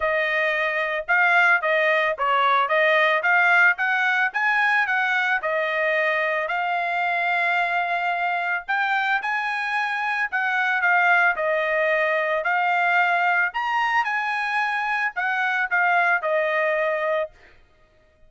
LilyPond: \new Staff \with { instrumentName = "trumpet" } { \time 4/4 \tempo 4 = 111 dis''2 f''4 dis''4 | cis''4 dis''4 f''4 fis''4 | gis''4 fis''4 dis''2 | f''1 |
g''4 gis''2 fis''4 | f''4 dis''2 f''4~ | f''4 ais''4 gis''2 | fis''4 f''4 dis''2 | }